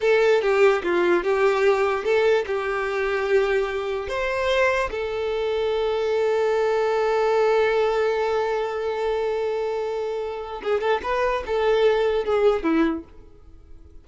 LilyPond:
\new Staff \with { instrumentName = "violin" } { \time 4/4 \tempo 4 = 147 a'4 g'4 f'4 g'4~ | g'4 a'4 g'2~ | g'2 c''2 | a'1~ |
a'1~ | a'1~ | a'2 gis'8 a'8 b'4 | a'2 gis'4 e'4 | }